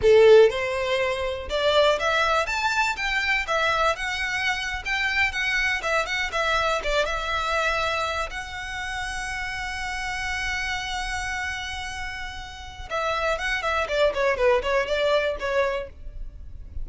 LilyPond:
\new Staff \with { instrumentName = "violin" } { \time 4/4 \tempo 4 = 121 a'4 c''2 d''4 | e''4 a''4 g''4 e''4 | fis''4.~ fis''16 g''4 fis''4 e''16~ | e''16 fis''8 e''4 d''8 e''4.~ e''16~ |
e''8. fis''2.~ fis''16~ | fis''1~ | fis''2 e''4 fis''8 e''8 | d''8 cis''8 b'8 cis''8 d''4 cis''4 | }